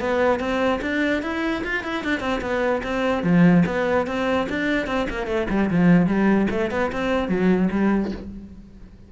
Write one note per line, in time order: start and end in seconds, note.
0.00 0.40 B3
0.40 0.80 C4
0.82 1.22 D4
1.23 1.63 E4
1.64 1.84 F4
1.84 2.04 E4
2.04 2.20 D4
2.20 2.40 C4
2.41 2.82 B3
2.83 3.23 C4
3.23 3.64 F3
3.66 4.07 B3
4.07 4.47 C4
4.49 4.87 D4
4.87 5.07 C4
5.10 5.27 A#3
5.27 5.47 A3
5.50 5.70 G3
5.71 6.07 F3
6.07 6.47 G3
6.51 6.71 A3
6.71 6.91 B3
6.92 7.28 C4
7.28 7.69 F#3
7.71 8.12 G3